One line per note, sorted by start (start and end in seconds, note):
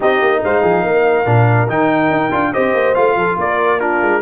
0.00 0.21 C4
0.00 1.25 D#4
0.00 0.41 G4
0.00 0.43 D#5
0.21 0.42 A#3
0.43 0.63 G#3
0.43 0.61 C5
0.43 1.69 F5
0.61 0.84 F3
0.61 0.81 G#4
0.81 1.25 A#3
0.81 2.50 A#4
1.25 1.68 A#2
1.25 1.67 D4
1.68 2.10 D#3
1.68 2.31 D#4
1.68 2.53 G5
2.10 2.31 D#4
2.31 2.53 D4
2.31 2.52 F4
2.53 2.74 C4
2.53 2.95 G4
2.53 3.16 C5
2.53 2.94 D#5
2.74 2.95 A#3
2.94 3.15 A3
2.94 3.79 F4
2.94 3.37 F5
3.15 3.37 F3
3.15 3.38 A4
3.38 4.01 A#3
3.38 3.80 A#4
3.38 3.80 D5
3.79 4.21 D4
3.79 4.21 F4
3.79 4.21 A#4
4.01 4.21 G#3